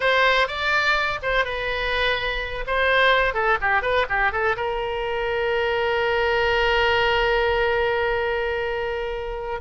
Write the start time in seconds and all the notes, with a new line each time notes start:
0.00 C5
0.47 D5
1.22 C5
1.44 B4
2.67 C5
3.34 A4
3.61 G4
3.82 B4
4.09 G4
4.32 A4
4.56 A#4